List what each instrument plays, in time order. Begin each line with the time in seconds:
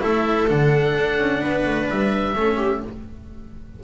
0.00 double bass A3, cello E4, viola A4, oboe E5
0.47 double bass D3, cello D4, oboe F#5
0.96 double bass D4
1.18 double bass C#4
1.41 double bass B3, viola B4
1.65 double bass A3
1.89 double bass G3, oboe E5
2.35 double bass A3, cello C#4, viola A4
2.56 viola G4